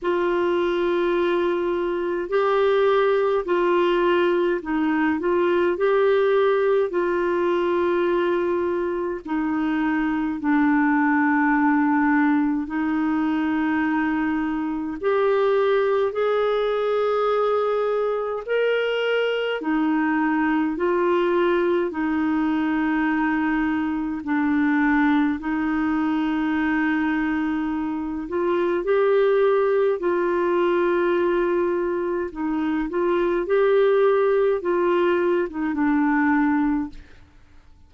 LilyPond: \new Staff \with { instrumentName = "clarinet" } { \time 4/4 \tempo 4 = 52 f'2 g'4 f'4 | dis'8 f'8 g'4 f'2 | dis'4 d'2 dis'4~ | dis'4 g'4 gis'2 |
ais'4 dis'4 f'4 dis'4~ | dis'4 d'4 dis'2~ | dis'8 f'8 g'4 f'2 | dis'8 f'8 g'4 f'8. dis'16 d'4 | }